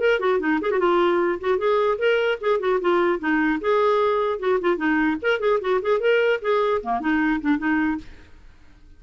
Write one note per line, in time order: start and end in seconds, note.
0.00 0.20 A#4
0.20 0.40 F#4
0.40 0.60 D#4
0.62 0.71 G#4
0.71 0.80 F#4
0.80 1.40 F4
1.41 1.58 F#4
1.58 1.98 G#4
1.99 2.39 A#4
2.41 2.60 G#4
2.60 2.80 F#4
2.81 3.20 F4
3.20 3.60 D#4
3.61 4.40 G#4
4.40 4.60 F#4
4.61 4.77 F4
4.77 5.17 D#4
5.22 5.40 A#4
5.40 5.60 G#4
5.61 5.81 F#4
5.82 6.00 G#4
6.00 6.40 A#4
6.42 6.82 G#4
6.83 7.01 A#3
7.01 7.41 D#4
7.42 7.58 D4
7.58 7.98 D#4